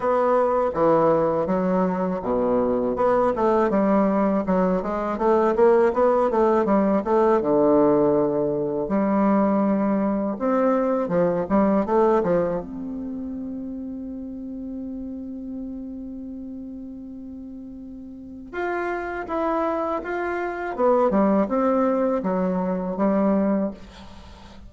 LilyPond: \new Staff \with { instrumentName = "bassoon" } { \time 4/4 \tempo 4 = 81 b4 e4 fis4 b,4 | b8 a8 g4 fis8 gis8 a8 ais8 | b8 a8 g8 a8 d2 | g2 c'4 f8 g8 |
a8 f8 c'2.~ | c'1~ | c'4 f'4 e'4 f'4 | b8 g8 c'4 fis4 g4 | }